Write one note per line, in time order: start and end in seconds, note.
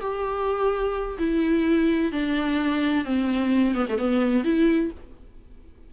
0.00 1.17 G4
1.18 2.12 E4
2.12 3.04 D4
3.04 3.74 C4
3.74 3.86 B3
3.88 3.97 A3
3.97 4.43 B3
4.43 4.90 E4